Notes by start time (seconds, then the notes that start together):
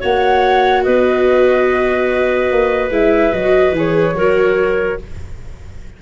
0.00 A#3 F#4 C#5 F#5
0.84 B3 B4 D#5
2.52 A#3
2.90 G#3 E4 E5
3.33 F#3 F#4 D#5
3.72 E3 G#4
3.78 C#5
4.15 F#3 F#4 A#4